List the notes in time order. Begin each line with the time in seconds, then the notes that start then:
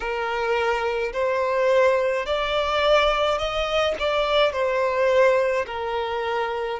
0.00 A#4
1.12 C5
2.26 D5
3.38 D#5
3.99 D5
4.52 C5
5.66 A#4